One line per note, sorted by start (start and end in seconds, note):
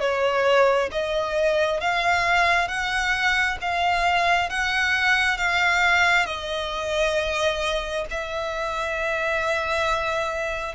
0.00 0.90 C#5
0.91 1.80 D#5
1.80 2.68 F5
2.68 3.57 F#5
3.61 4.49 F5
4.49 5.38 F#5
5.38 6.26 F5
6.26 8.05 D#5
8.10 10.75 E5